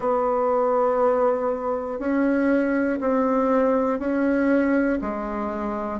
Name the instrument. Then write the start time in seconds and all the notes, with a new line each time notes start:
bassoon
0.00 B3
1.99 C#4
3.00 C4
3.99 C#4
5.00 G#3